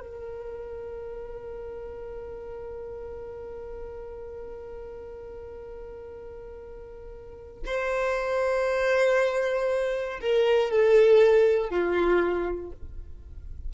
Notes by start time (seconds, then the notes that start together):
0.00 A#4
7.65 C5
10.21 A#4
10.70 A4
11.70 F4